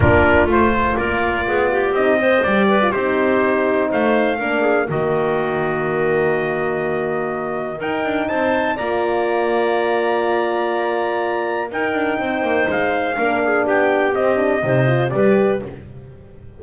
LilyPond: <<
  \new Staff \with { instrumentName = "trumpet" } { \time 4/4 \tempo 4 = 123 ais'4 c''4 d''2 | dis''4 d''4 c''2 | f''2 dis''2~ | dis''1 |
g''4 a''4 ais''2~ | ais''1 | g''2 f''2 | g''4 dis''2 d''4 | }
  \new Staff \with { instrumentName = "clarinet" } { \time 4/4 f'2 ais'4 gis'8 g'8~ | g'8 c''4 b'8 g'2 | c''4 ais'8 gis'8 fis'2~ | fis'1 |
ais'4 c''4 d''2~ | d''1 | ais'4 c''2 ais'8 gis'8 | g'2 c''4 b'4 | }
  \new Staff \with { instrumentName = "horn" } { \time 4/4 d'4 f'2. | dis'8 c'8 g'8. f'16 dis'2~ | dis'4 d'4 ais2~ | ais1 |
dis'2 f'2~ | f'1 | dis'2. d'4~ | d'4 c'8 d'8 dis'8 f'8 g'4 | }
  \new Staff \with { instrumentName = "double bass" } { \time 4/4 ais4 a4 ais4 b4 | c'4 g4 c'2 | a4 ais4 dis2~ | dis1 |
dis'8 d'8 c'4 ais2~ | ais1 | dis'8 d'8 c'8 ais8 gis4 ais4 | b4 c'4 c4 g4 | }
>>